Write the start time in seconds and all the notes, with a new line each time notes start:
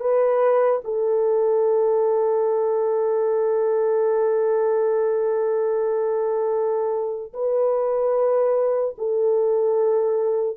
0.00 B4
0.84 A4
7.33 B4
8.98 A4